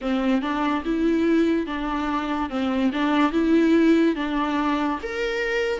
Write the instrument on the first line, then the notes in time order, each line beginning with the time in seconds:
viola
0.01 C4
0.41 D4
0.84 E4
1.66 D4
2.49 C4
2.92 D4
3.32 E4
4.15 D4
5.02 A#4